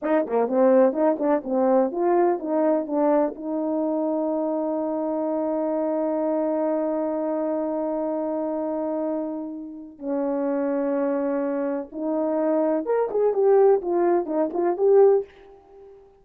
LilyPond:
\new Staff \with { instrumentName = "horn" } { \time 4/4 \tempo 4 = 126 dis'8 ais8 c'4 dis'8 d'8 c'4 | f'4 dis'4 d'4 dis'4~ | dis'1~ | dis'1~ |
dis'1~ | dis'4 cis'2.~ | cis'4 dis'2 ais'8 gis'8 | g'4 f'4 dis'8 f'8 g'4 | }